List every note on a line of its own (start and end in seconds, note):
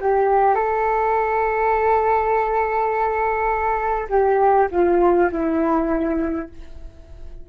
0.00 0.55 G4
0.55 4.08 A4
4.09 4.68 G4
4.71 5.30 F4
5.32 6.49 E4